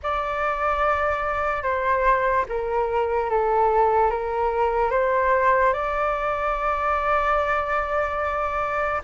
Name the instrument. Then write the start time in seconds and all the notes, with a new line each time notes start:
flute
0.03 D5
1.63 C5
2.48 A#4
3.30 A4
4.10 A#4
4.91 C5
5.73 D5